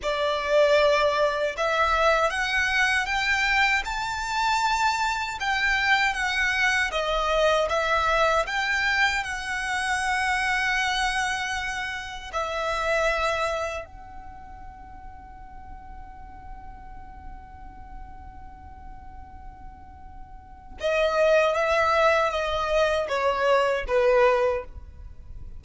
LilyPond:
\new Staff \with { instrumentName = "violin" } { \time 4/4 \tempo 4 = 78 d''2 e''4 fis''4 | g''4 a''2 g''4 | fis''4 dis''4 e''4 g''4 | fis''1 |
e''2 fis''2~ | fis''1~ | fis''2. dis''4 | e''4 dis''4 cis''4 b'4 | }